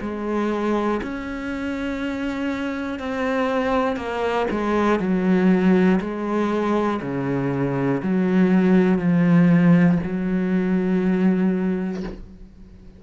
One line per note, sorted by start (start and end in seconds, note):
0.00 1.00 G#3
1.02 2.99 C#4
2.99 3.96 C4
3.96 4.46 A#3
4.50 4.99 G#3
4.99 5.99 F#3
6.00 7.00 G#3
7.01 8.01 C#3
8.03 8.98 F#3
8.98 9.98 F3
10.03 12.03 F#3